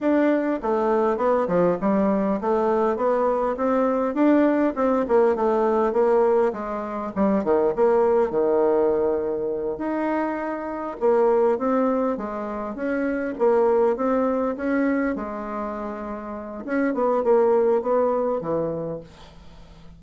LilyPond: \new Staff \with { instrumentName = "bassoon" } { \time 4/4 \tempo 4 = 101 d'4 a4 b8 f8 g4 | a4 b4 c'4 d'4 | c'8 ais8 a4 ais4 gis4 | g8 dis8 ais4 dis2~ |
dis8 dis'2 ais4 c'8~ | c'8 gis4 cis'4 ais4 c'8~ | c'8 cis'4 gis2~ gis8 | cis'8 b8 ais4 b4 e4 | }